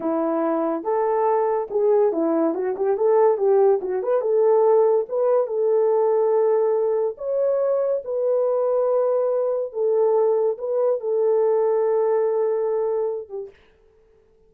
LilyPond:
\new Staff \with { instrumentName = "horn" } { \time 4/4 \tempo 4 = 142 e'2 a'2 | gis'4 e'4 fis'8 g'8 a'4 | g'4 fis'8 b'8 a'2 | b'4 a'2.~ |
a'4 cis''2 b'4~ | b'2. a'4~ | a'4 b'4 a'2~ | a'2.~ a'8 g'8 | }